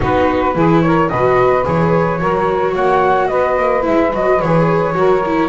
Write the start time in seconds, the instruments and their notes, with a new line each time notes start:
0.00 double bass B3, viola D#4, saxophone F#4, flute B4
0.55 double bass E3, viola E4, saxophone G#4
0.82 saxophone A#4, flute C#5
1.08 double bass B2, viola F#4, saxophone B4, flute D#5
1.64 double bass E3, viola G#4, flute C#5
2.18 double bass F#3, viola F#4, saxophone A#4
2.73 double bass A#3, saxophone C#5, flute F#5
3.27 double bass B3, saxophone B4, flute D#5
3.58 double bass A#3
3.82 double bass G#3, viola E4, flute E5
4.13 double bass F#3, viola F#4, flute D#5
4.40 double bass E3, viola G#4, flute C#5
4.94 double bass F#3, viola F#4, saxophone A#4
5.25 viola E4